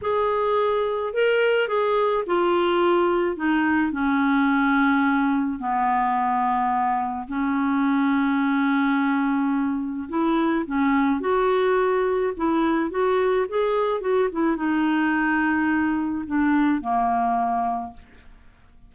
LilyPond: \new Staff \with { instrumentName = "clarinet" } { \time 4/4 \tempo 4 = 107 gis'2 ais'4 gis'4 | f'2 dis'4 cis'4~ | cis'2 b2~ | b4 cis'2.~ |
cis'2 e'4 cis'4 | fis'2 e'4 fis'4 | gis'4 fis'8 e'8 dis'2~ | dis'4 d'4 ais2 | }